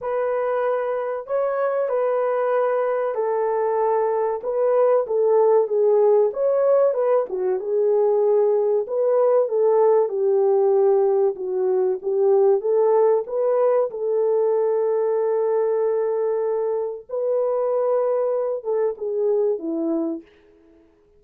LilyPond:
\new Staff \with { instrumentName = "horn" } { \time 4/4 \tempo 4 = 95 b'2 cis''4 b'4~ | b'4 a'2 b'4 | a'4 gis'4 cis''4 b'8 fis'8 | gis'2 b'4 a'4 |
g'2 fis'4 g'4 | a'4 b'4 a'2~ | a'2. b'4~ | b'4. a'8 gis'4 e'4 | }